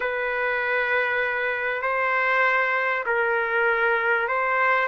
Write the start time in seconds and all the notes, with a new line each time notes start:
0.00 B4
1.81 C5
3.06 A#4
4.28 C5